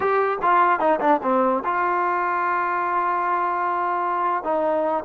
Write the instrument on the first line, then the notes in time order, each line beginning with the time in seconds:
trombone
0.00 G4
0.42 F4
0.79 D#4
1.00 D4
1.22 C4
1.64 F4
4.43 D#4